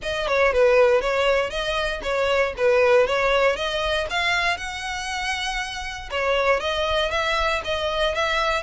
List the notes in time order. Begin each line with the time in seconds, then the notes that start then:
0.02 D#5
0.27 C#5
0.52 B4
1.01 C#5
1.50 D#5
2.02 C#5
2.57 B4
3.06 C#5
3.56 D#5
4.10 F5
4.57 F#5
6.10 C#5
6.60 D#5
7.10 E5
7.64 D#5
8.14 E5